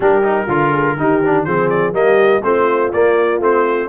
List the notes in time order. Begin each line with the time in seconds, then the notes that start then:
0.00 G3 D4 G4 A#4
0.23 D#4
0.46 D3 F4
0.71 G#4
0.96 D#3 D#4 G4
1.25 D4
1.44 F3 C4 G#4 C5
1.69 D5
1.92 G3 A#3 G4 D#5
2.43 A3 C4 F4 C5
2.92 A#3 D5
3.39 A3 C4 C5